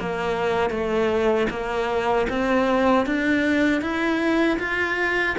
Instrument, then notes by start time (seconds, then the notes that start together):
cello
0.00 A#3
0.70 A3
1.50 A#3
2.30 C4
3.07 D4
3.81 E4
4.59 F4